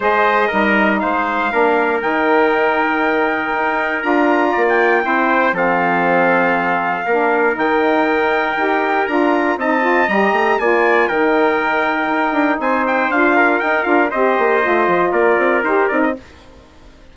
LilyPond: <<
  \new Staff \with { instrumentName = "trumpet" } { \time 4/4 \tempo 4 = 119 dis''2 f''2 | g''1 | ais''4~ ais''16 g''4.~ g''16 f''4~ | f''2. g''4~ |
g''2 ais''4 a''4 | ais''4 gis''4 g''2~ | g''4 gis''8 g''8 f''4 g''8 f''8 | dis''2 d''4 c''8 d''16 dis''16 | }
  \new Staff \with { instrumentName = "trumpet" } { \time 4/4 c''4 ais'4 c''4 ais'4~ | ais'1~ | ais'4 d''4 c''4 a'4~ | a'2 ais'2~ |
ais'2. dis''4~ | dis''4 d''4 ais'2~ | ais'4 c''4. ais'4. | c''2 ais'2 | }
  \new Staff \with { instrumentName = "saxophone" } { \time 4/4 gis'4 dis'2 d'4 | dis'1 | f'2 e'4 c'4~ | c'2 d'4 dis'4~ |
dis'4 g'4 f'4 dis'8 f'8 | g'4 f'4 dis'2~ | dis'2 f'4 dis'8 f'8 | g'4 f'2 g'8 dis'8 | }
  \new Staff \with { instrumentName = "bassoon" } { \time 4/4 gis4 g4 gis4 ais4 | dis2. dis'4 | d'4 ais4 c'4 f4~ | f2 ais4 dis4~ |
dis4 dis'4 d'4 c'4 | g8 a8 ais4 dis2 | dis'8 d'8 c'4 d'4 dis'8 d'8 | c'8 ais8 a8 f8 ais8 c'8 dis'8 c'8 | }
>>